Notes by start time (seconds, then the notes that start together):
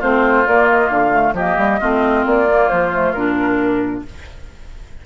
0.00 A3 C4 F4 C5
0.47 A#3 D5
0.71 D#5
0.89 D3 F5
1.12 A3
1.34 F3 A#3 G4 D#5
1.58 G3
1.80 A3 C4 F4
2.26 A#3 D5
2.51 A#3
2.69 F3 C5
2.93 A3
3.13 A#2 D4 A#4